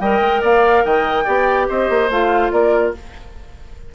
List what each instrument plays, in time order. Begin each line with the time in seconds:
0.00 bassoon G3, clarinet A#4, oboe D#5, flute G5
0.21 bassoon G#3
0.42 bassoon A#3, oboe D5, flute F5
0.85 bassoon D#3, oboe D#5, flute G5
1.25 bassoon B3, clarinet G4, oboe D5
1.69 bassoon C4, oboe C5, flute D#5
1.90 bassoon A#3
2.10 bassoon A3, clarinet F4, flute F5
2.52 bassoon A#3, oboe A#4, flute D5